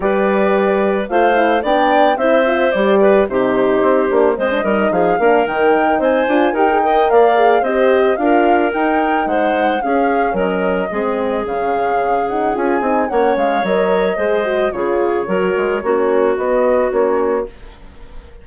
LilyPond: <<
  \new Staff \with { instrumentName = "flute" } { \time 4/4 \tempo 4 = 110 d''2 f''4 g''4 | e''4 d''4 c''2 | dis''4 f''4 g''4 gis''4 | g''4 f''4 dis''4 f''4 |
g''4 fis''4 f''4 dis''4~ | dis''4 f''4. fis''8 gis''4 | fis''8 f''8 dis''2 cis''4~ | cis''2 dis''4 cis''4 | }
  \new Staff \with { instrumentName = "clarinet" } { \time 4/4 b'2 c''4 d''4 | c''4. b'8 g'2 | c''8 ais'8 gis'8 ais'4. c''4 | ais'8 dis''8 d''4 c''4 ais'4~ |
ais'4 c''4 gis'4 ais'4 | gis'1 | cis''2 c''4 gis'4 | ais'4 fis'2. | }
  \new Staff \with { instrumentName = "horn" } { \time 4/4 g'2 f'8 e'8 d'4 | e'8 f'8 g'4 dis'4. d'8 | c'16 d'16 dis'4 d'8 dis'4. f'8 | g'16 gis'16 ais'4 gis'8 g'4 f'4 |
dis'2 cis'2 | c'4 cis'4. dis'8 f'8 dis'8 | cis'4 ais'4 gis'8 fis'8 f'4 | fis'4 cis'4 b4 cis'4 | }
  \new Staff \with { instrumentName = "bassoon" } { \time 4/4 g2 a4 b4 | c'4 g4 c4 c'8 ais8 | gis8 g8 f8 ais8 dis4 c'8 d'8 | dis'4 ais4 c'4 d'4 |
dis'4 gis4 cis'4 fis4 | gis4 cis2 cis'8 c'8 | ais8 gis8 fis4 gis4 cis4 | fis8 gis8 ais4 b4 ais4 | }
>>